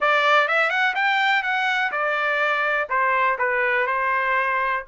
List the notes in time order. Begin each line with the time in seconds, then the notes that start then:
0.00 D5
0.48 E5
0.70 F#5
0.95 G5
1.42 F#5
1.91 D5
2.89 C5
3.38 B4
3.87 C5